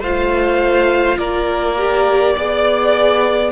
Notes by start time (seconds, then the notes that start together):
0.00 A3 F4 C5 F5
1.18 A#3 A#4 D5
1.78 G4
2.34 B3 G#4 D5